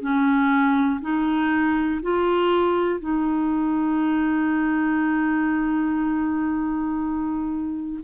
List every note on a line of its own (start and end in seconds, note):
0.00 1.00 C#4
1.01 2.01 D#4
2.02 3.00 F4
3.00 8.00 D#4